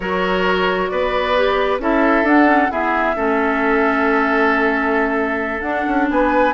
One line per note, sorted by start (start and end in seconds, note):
0.00 0.90 F#3
0.00 1.36 F#4
0.00 0.91 A#4
0.00 0.87 C#5
0.87 1.79 B3
0.87 1.81 B4
0.87 1.78 D5
1.36 1.80 G4
1.79 2.23 C#4
1.79 2.25 E4
1.79 2.71 A4
1.79 2.27 E5
2.23 2.68 D4
2.23 2.46 D4
2.23 2.71 F#5
2.46 2.68 C#4
2.70 3.15 B3
2.70 3.16 E4
2.70 3.16 G#4
2.70 5.61 E5
3.15 5.61 A3
3.15 5.63 C#4
3.15 6.09 A4
5.61 5.84 D4
5.61 6.53 D4
5.61 6.06 F#5
5.87 6.09 C#4
6.10 6.53 B3
6.10 6.53 B4
6.10 6.53 G#5